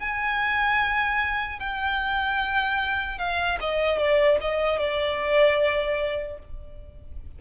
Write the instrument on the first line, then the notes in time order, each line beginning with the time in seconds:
violin
0.00 G#5
1.60 G5
3.19 F5
3.61 D#5
3.99 D5
4.41 D#5
4.79 D5